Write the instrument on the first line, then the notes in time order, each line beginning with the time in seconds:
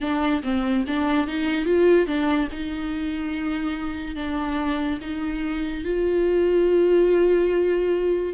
viola
0.00 D4
0.43 C4
0.87 D4
1.27 D#4
1.65 F4
2.06 D4
2.51 D#4
4.15 D4
5.01 D#4
5.84 F4